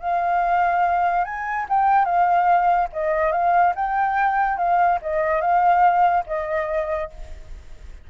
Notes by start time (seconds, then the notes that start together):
0.00 F5
1.24 G#5
1.69 G5
2.04 F5
2.92 D#5
3.32 F5
3.75 G5
4.57 F5
5.01 D#5
5.41 F5
6.26 D#5